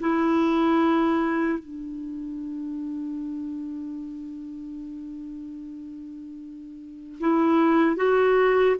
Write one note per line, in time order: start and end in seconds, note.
0.00 1.59 E4
1.59 7.19 D4
7.20 7.96 E4
7.96 8.76 F#4